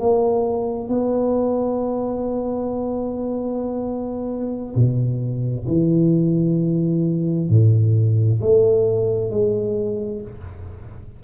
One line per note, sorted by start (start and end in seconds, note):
0.00 0.89 A#3
0.89 4.75 B3
4.76 5.67 B2
5.68 7.50 E3
7.50 8.40 A2
8.42 9.31 A3
9.31 10.22 G#3